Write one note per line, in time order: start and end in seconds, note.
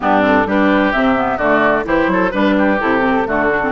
0.00 0.46 G2
0.00 0.21 B3
0.00 0.47 D4
0.00 0.24 G4
0.21 0.44 C4
0.21 0.49 A4
0.46 0.92 G3
0.46 0.94 D4
0.46 1.37 G4
0.46 0.92 B4
0.92 1.37 C3
0.92 1.15 C4
0.92 1.38 E5
1.15 1.39 B3
1.37 1.84 D3
1.37 1.84 A3
1.37 1.83 F#4
1.37 1.84 D5
1.84 2.07 E3
1.84 2.31 E4
1.84 2.10 G4
1.84 2.33 C5
2.07 2.30 F#3
2.07 2.31 A4
2.31 2.80 G3
2.31 2.78 D4
2.31 2.54 B4
2.31 2.80 B4
2.58 3.27 G4
2.79 3.27 C3
2.79 3.00 E4
2.79 3.71 A4
3.00 3.23 C4
3.25 3.71 D3
3.25 3.49 A3
3.25 3.71 F#4
3.49 3.61 D4
3.62 3.71 C4